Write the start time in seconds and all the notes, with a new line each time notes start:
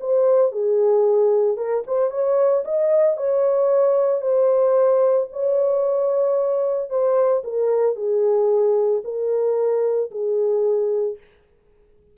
0.00 C5
0.51 G#4
1.57 A#4
1.86 C5
2.10 C#5
2.64 D#5
3.16 C#5
4.21 C5
5.32 C#5
6.89 C5
7.43 A#4
7.95 G#4
9.04 A#4
10.11 G#4